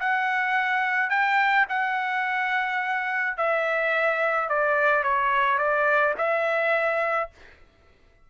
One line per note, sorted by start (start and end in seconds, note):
0.00 1.10 F#5
1.10 1.66 G5
1.69 3.37 F#5
3.37 4.49 E5
4.49 5.03 D5
5.03 5.58 C#5
5.58 6.14 D5
6.18 7.30 E5